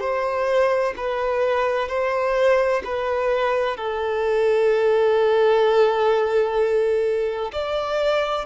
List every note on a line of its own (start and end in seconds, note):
0.00 0.94 C5
0.97 1.89 B4
1.89 2.83 C5
2.85 3.77 B4
3.77 7.52 A4
7.52 8.45 D5